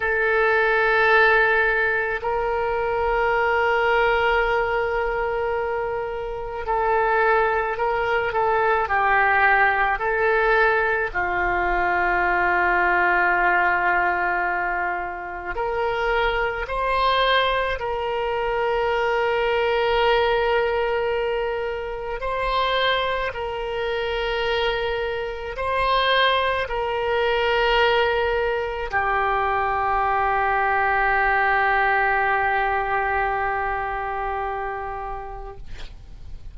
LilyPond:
\new Staff \with { instrumentName = "oboe" } { \time 4/4 \tempo 4 = 54 a'2 ais'2~ | ais'2 a'4 ais'8 a'8 | g'4 a'4 f'2~ | f'2 ais'4 c''4 |
ais'1 | c''4 ais'2 c''4 | ais'2 g'2~ | g'1 | }